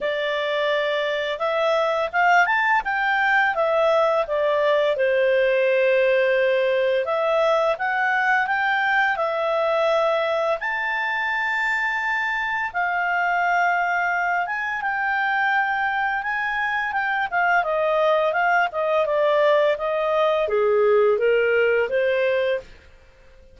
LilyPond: \new Staff \with { instrumentName = "clarinet" } { \time 4/4 \tempo 4 = 85 d''2 e''4 f''8 a''8 | g''4 e''4 d''4 c''4~ | c''2 e''4 fis''4 | g''4 e''2 a''4~ |
a''2 f''2~ | f''8 gis''8 g''2 gis''4 | g''8 f''8 dis''4 f''8 dis''8 d''4 | dis''4 gis'4 ais'4 c''4 | }